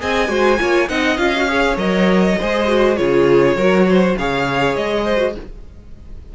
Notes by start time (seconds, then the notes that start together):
0.00 C4 G#4 D#5 G#5
0.28 G#3 F#4 C5
0.59 A#3 F4 C#5
0.89 C4 D#4 D#5 F#5
1.17 C#4 F4 F5
1.37 F#4
1.48 G#4 C#5
1.77 F#3 A#4 D#5
2.40 G#3 G#4 C5
2.67 F#4
2.97 C#3 F4 G#4 C#5
3.56 F#3 F#4 A#4
3.89 C5
4.18 C#3 G#4 C#5 F5
4.76 G#3 D#5
5.04 C5
5.17 F#4